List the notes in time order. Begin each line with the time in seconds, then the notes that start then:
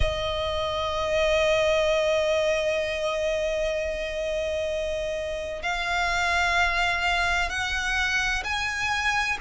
0.00 D#5
5.62 F5
7.49 F#5
8.44 G#5